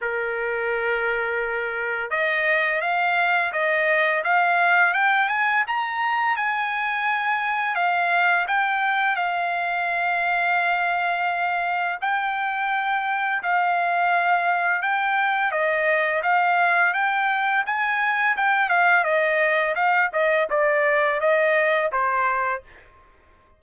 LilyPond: \new Staff \with { instrumentName = "trumpet" } { \time 4/4 \tempo 4 = 85 ais'2. dis''4 | f''4 dis''4 f''4 g''8 gis''8 | ais''4 gis''2 f''4 | g''4 f''2.~ |
f''4 g''2 f''4~ | f''4 g''4 dis''4 f''4 | g''4 gis''4 g''8 f''8 dis''4 | f''8 dis''8 d''4 dis''4 c''4 | }